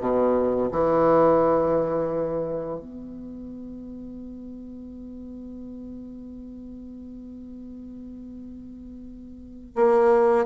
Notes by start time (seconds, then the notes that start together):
0.00 B2
0.71 E3
2.80 B3
9.75 A#3